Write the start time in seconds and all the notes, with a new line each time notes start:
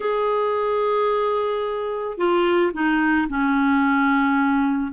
0.00 G#4
2.17 F4
2.73 D#4
3.29 C#4